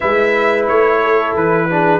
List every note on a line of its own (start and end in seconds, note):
0.00 0.69 G#3
0.00 1.69 E4
0.00 1.00 B4
0.00 0.65 E5
0.67 1.34 A3
0.67 1.35 C#5
1.01 1.69 A4
1.34 2.00 E3
1.34 2.00 B4
1.69 2.00 D4
1.69 2.00 G#4